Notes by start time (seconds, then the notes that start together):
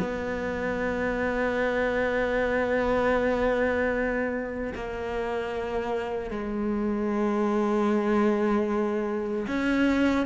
0.00 B3
4.75 A#3
6.31 G#3
9.48 C#4